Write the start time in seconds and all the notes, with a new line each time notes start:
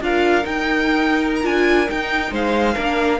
0.00 D4 F4 A#4 F5
0.42 D#4 G5
1.35 A#5
1.42 D4 F4 G#5
1.86 D#4 G5
2.31 G#3 C5 F5
2.74 A#3 D4 A#4